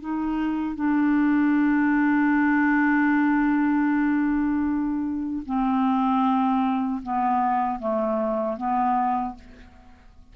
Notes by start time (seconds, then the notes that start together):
0.00 D#4
0.75 D4
5.45 C4
7.02 B3
7.79 A3
8.57 B3